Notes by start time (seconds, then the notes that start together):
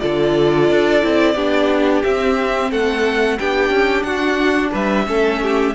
0.00 D3 F4 A4 D5
0.70 D4
1.02 C4 E4
1.35 B3 D4 G4
2.04 C4 E5
2.71 A3 A4 F#5
3.39 B3 D4 G4 G5
3.70 C#4
4.03 D4 F#4 F#5
4.72 G3 B4 E5
5.07 A3 C#4 A4
5.42 G4